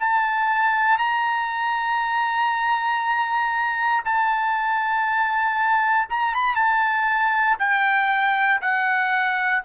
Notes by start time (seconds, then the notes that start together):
0.00 A5
0.98 A#5
4.04 A5
6.09 A#5
6.34 B5
6.55 A5
7.59 G5
8.62 F#5